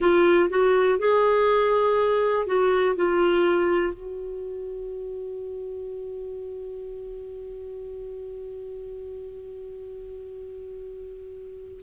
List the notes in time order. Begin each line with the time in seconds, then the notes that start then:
0.00 F4
0.49 F#4
0.98 G#4
2.46 F#4
2.95 F4
3.93 F#4